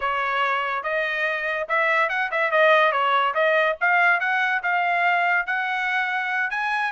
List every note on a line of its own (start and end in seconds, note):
0.00 0.83 C#5
0.83 1.67 D#5
1.68 2.09 E5
2.09 2.30 F#5
2.31 2.51 E5
2.51 2.92 D#5
2.92 3.34 C#5
3.34 3.76 D#5
3.80 4.20 F5
4.20 4.62 F#5
4.62 5.46 F5
5.46 6.50 F#5
6.50 6.92 G#5